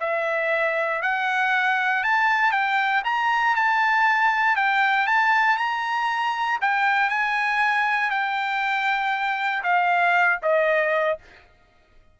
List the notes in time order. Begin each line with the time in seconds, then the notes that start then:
0.00 E5
1.02 F#5
2.03 A5
2.52 G5
3.05 A#5
3.56 A5
4.56 G5
5.07 A5
5.57 A#5
6.61 G5
7.10 G#5
8.10 G5
9.63 F5
10.42 D#5